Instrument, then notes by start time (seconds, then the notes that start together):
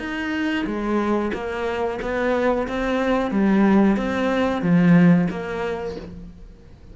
cello
0.00 D#4
0.67 G#3
1.34 A#3
2.02 B3
2.69 C4
3.31 G3
3.97 C4
4.62 F3
5.31 A#3